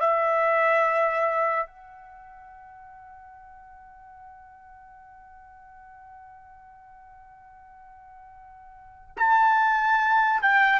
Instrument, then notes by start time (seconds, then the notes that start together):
trumpet
0.00 E5
1.66 F#5
9.17 A5
10.42 G5